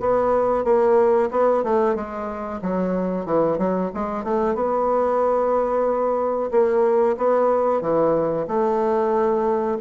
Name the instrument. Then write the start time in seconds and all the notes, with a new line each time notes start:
bassoon
0.00 B3
0.64 A#3
1.31 B3
1.63 A3
1.95 G#3
2.61 F#3
3.25 E3
3.58 F#3
3.94 G#3
4.24 A3
4.54 B3
6.51 A#3
7.17 B3
7.81 E3
8.48 A3